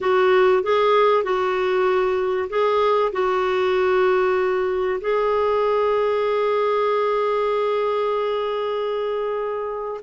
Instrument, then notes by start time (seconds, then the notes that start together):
clarinet
0.01 F#4
0.62 G#4
1.23 F#4
2.49 G#4
3.12 F#4
5.01 G#4